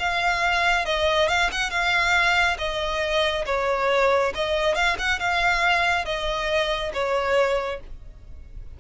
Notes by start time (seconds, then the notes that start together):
0.00 F5
0.85 D#5
1.28 F5
1.52 F#5
1.70 F5
2.58 D#5
3.46 C#5
4.35 D#5
4.75 F5
4.99 F#5
5.19 F5
6.06 D#5
6.94 C#5